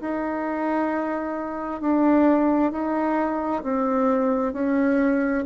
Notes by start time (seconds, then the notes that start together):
0.00 D#4
1.81 D4
2.71 D#4
3.63 C4
4.53 C#4